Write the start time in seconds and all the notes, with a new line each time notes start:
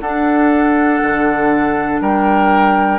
0.00 D4 A4 F#5
1.02 D3
2.01 G3 A#4 G5